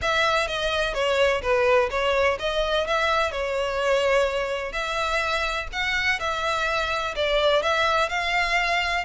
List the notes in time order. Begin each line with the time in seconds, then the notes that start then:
0.01 E5
0.47 D#5
0.94 C#5
1.42 B4
1.90 C#5
2.39 D#5
2.86 E5
3.31 C#5
4.72 E5
5.72 F#5
6.19 E5
7.15 D5
7.62 E5
8.09 F5